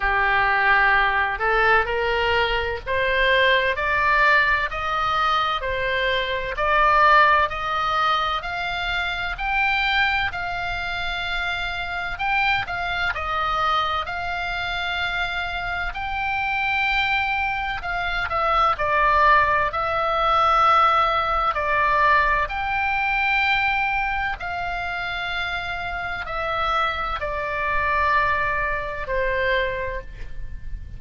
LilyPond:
\new Staff \with { instrumentName = "oboe" } { \time 4/4 \tempo 4 = 64 g'4. a'8 ais'4 c''4 | d''4 dis''4 c''4 d''4 | dis''4 f''4 g''4 f''4~ | f''4 g''8 f''8 dis''4 f''4~ |
f''4 g''2 f''8 e''8 | d''4 e''2 d''4 | g''2 f''2 | e''4 d''2 c''4 | }